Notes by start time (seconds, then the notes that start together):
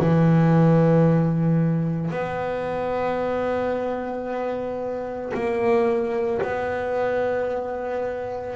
0.00 E3
2.11 B3
5.34 A#3
6.42 B3